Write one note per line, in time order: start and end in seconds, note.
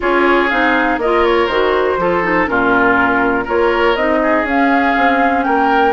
0.00 0.51 C#4
0.00 0.49 F4
0.00 1.00 G#4
0.00 0.49 C#5
0.49 0.97 C4
0.49 0.99 D#4
0.49 0.99 F5
0.97 1.47 A#3
0.97 2.00 A#4
0.97 1.25 D#5
1.04 1.50 F4
1.25 1.46 C#5
1.46 1.97 D#3
1.46 1.99 F#4
1.46 2.46 C5
1.97 2.47 F3
1.97 2.23 F4
1.97 2.49 A4
2.23 2.46 D#4
2.46 3.47 A#2
2.46 3.46 C#4
2.46 3.44 F4
2.46 3.46 A#4
3.44 3.96 A#3
3.44 3.95 F4
3.44 4.18 A#4
3.44 3.96 C#5
3.96 4.43 C4
3.96 4.46 D#4
3.96 4.45 D#5
4.22 5.45 G#4
4.43 4.93 C#4
4.43 5.93 C#4
4.43 5.43 F5
4.97 5.46 C4
5.43 5.93 A#3
5.43 5.93 A#4
5.43 5.92 G5